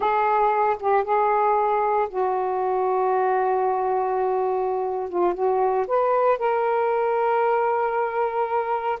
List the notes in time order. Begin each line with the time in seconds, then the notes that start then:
0.00 G#4
0.79 G4
1.04 G#4
2.09 F#4
5.09 F4
5.34 F#4
5.87 B4
6.38 A#4